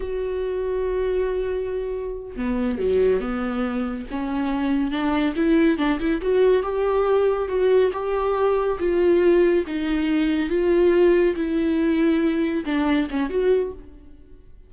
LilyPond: \new Staff \with { instrumentName = "viola" } { \time 4/4 \tempo 4 = 140 fis'1~ | fis'4. b4 fis4 b8~ | b4. cis'2 d'8~ | d'8 e'4 d'8 e'8 fis'4 g'8~ |
g'4. fis'4 g'4.~ | g'8 f'2 dis'4.~ | dis'8 f'2 e'4.~ | e'4. d'4 cis'8 fis'4 | }